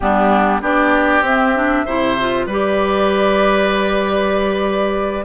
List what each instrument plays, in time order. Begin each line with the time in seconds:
0.00 bassoon G3, clarinet B3, oboe D4, flute G4
0.61 bassoon B3, clarinet D4, oboe G4, flute D5
1.21 bassoon C4, clarinet C4, flute E5
1.55 clarinet D4
1.85 bassoon C3, clarinet E4, oboe C5
2.19 clarinet F4
2.46 bassoon G3, clarinet G4, oboe B4, flute D5